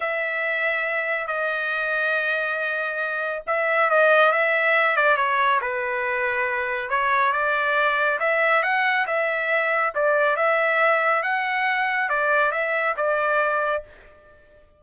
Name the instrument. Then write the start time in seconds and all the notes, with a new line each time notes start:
trumpet
0.00 E5
1.27 D#5
3.46 E5
3.89 D#5
4.32 E5
4.96 D5
5.17 C#5
5.61 B4
6.89 C#5
7.32 D5
8.19 E5
8.63 F#5
9.06 E5
9.94 D5
10.36 E5
11.22 F#5
12.09 D5
12.51 E5
12.96 D5